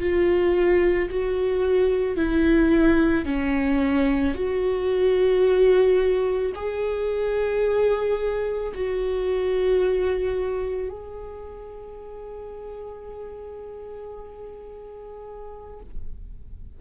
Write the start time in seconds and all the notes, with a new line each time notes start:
0.00 F4
1.10 F#4
2.16 E4
3.25 C#4
4.34 F#4
6.55 G#4
8.75 F#4
10.89 G#4